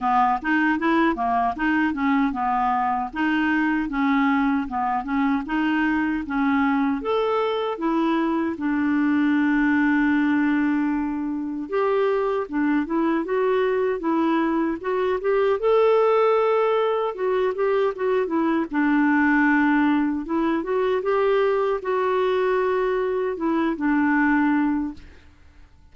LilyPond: \new Staff \with { instrumentName = "clarinet" } { \time 4/4 \tempo 4 = 77 b8 dis'8 e'8 ais8 dis'8 cis'8 b4 | dis'4 cis'4 b8 cis'8 dis'4 | cis'4 a'4 e'4 d'4~ | d'2. g'4 |
d'8 e'8 fis'4 e'4 fis'8 g'8 | a'2 fis'8 g'8 fis'8 e'8 | d'2 e'8 fis'8 g'4 | fis'2 e'8 d'4. | }